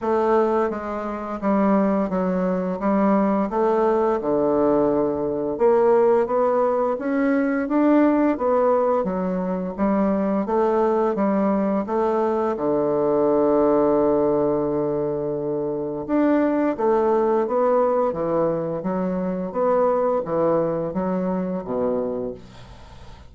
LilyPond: \new Staff \with { instrumentName = "bassoon" } { \time 4/4 \tempo 4 = 86 a4 gis4 g4 fis4 | g4 a4 d2 | ais4 b4 cis'4 d'4 | b4 fis4 g4 a4 |
g4 a4 d2~ | d2. d'4 | a4 b4 e4 fis4 | b4 e4 fis4 b,4 | }